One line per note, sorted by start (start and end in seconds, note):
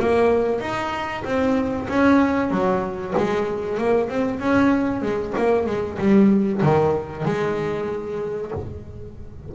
0.00 0.61 A#3
0.61 1.24 D#4
1.25 1.88 C4
1.89 2.51 C#4
2.51 3.14 F#3
3.18 3.78 G#3
3.78 4.09 A#3
4.09 4.40 C4
4.40 5.02 C#4
5.02 5.34 G#3
5.37 5.67 A#3
5.67 5.98 G#3
5.99 6.62 G3
6.63 7.25 D#3
7.25 8.52 G#3